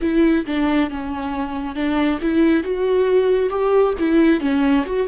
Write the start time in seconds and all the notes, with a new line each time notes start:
0.01 E4
0.45 D4
0.90 C#4
1.74 D4
2.21 E4
2.63 F#4
3.49 G4
3.98 E4
4.40 C#4
4.85 F#4